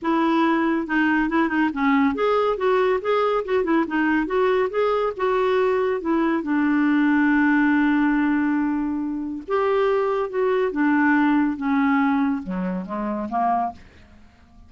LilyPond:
\new Staff \with { instrumentName = "clarinet" } { \time 4/4 \tempo 4 = 140 e'2 dis'4 e'8 dis'8 | cis'4 gis'4 fis'4 gis'4 | fis'8 e'8 dis'4 fis'4 gis'4 | fis'2 e'4 d'4~ |
d'1~ | d'2 g'2 | fis'4 d'2 cis'4~ | cis'4 fis4 gis4 ais4 | }